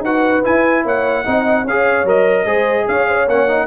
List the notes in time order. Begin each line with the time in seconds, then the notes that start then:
0.00 D#4 F#4 B4 F#5
0.44 E4 G#5
0.84 A#3 C#5 F#5
1.24 C4 D#4 D#5
1.64 C#4 G#4 C#5 F5
2.04 F#3 A#4 D#5
2.45 G#3 G#4 C5
2.88 C#4 C#5 F5
3.08 C5 C#5
3.28 A#3 C#4 F#5
3.48 D#4